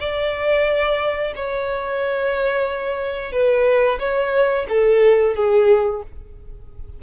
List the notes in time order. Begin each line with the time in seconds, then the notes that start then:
0.00 D5
1.36 C#5
3.32 B4
3.99 C#5
4.69 A4
5.36 G#4